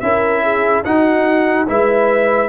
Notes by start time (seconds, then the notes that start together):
0.00 C#4 E4 A#4 E5
0.42 G#4
0.84 D#4 F#4 F#5
1.67 G#3 E4 B4 E5